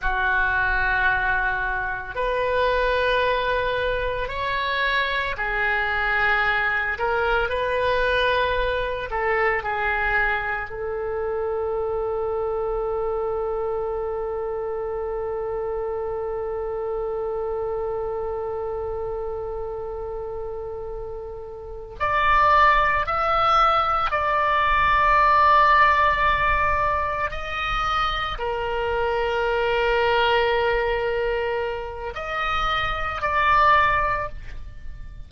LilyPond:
\new Staff \with { instrumentName = "oboe" } { \time 4/4 \tempo 4 = 56 fis'2 b'2 | cis''4 gis'4. ais'8 b'4~ | b'8 a'8 gis'4 a'2~ | a'1~ |
a'1~ | a'8 d''4 e''4 d''4.~ | d''4. dis''4 ais'4.~ | ais'2 dis''4 d''4 | }